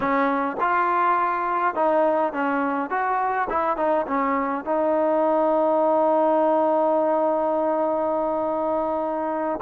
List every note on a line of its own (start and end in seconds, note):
0.00 0.56 C#4
0.60 1.74 F4
1.74 2.32 D#4
2.32 2.89 C#4
2.89 3.48 F#4
3.49 3.76 E4
3.76 4.05 D#4
4.07 4.64 C#4
4.64 9.60 D#4